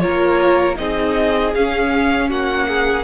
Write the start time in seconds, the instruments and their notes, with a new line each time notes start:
0.00 cello A#3, viola F4, violin A#4 C#5
0.75 cello C4, viola D#4, violin G#4 D#5
1.54 cello C#4, viola C#4, violin F5
2.29 cello A#3, violin F#4 F#5
2.68 violin G#4